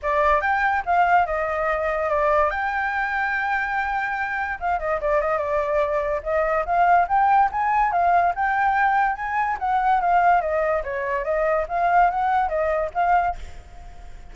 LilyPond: \new Staff \with { instrumentName = "flute" } { \time 4/4 \tempo 4 = 144 d''4 g''4 f''4 dis''4~ | dis''4 d''4 g''2~ | g''2. f''8 dis''8 | d''8 dis''8 d''2 dis''4 |
f''4 g''4 gis''4 f''4 | g''2 gis''4 fis''4 | f''4 dis''4 cis''4 dis''4 | f''4 fis''4 dis''4 f''4 | }